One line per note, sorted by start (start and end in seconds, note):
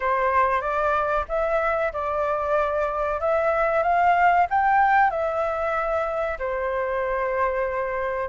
0.00 0.61 C5
0.61 1.24 D5
1.28 1.92 E5
1.92 3.20 D5
3.20 3.82 E5
3.82 4.46 F5
4.49 5.10 G5
5.10 6.38 E5
6.38 8.29 C5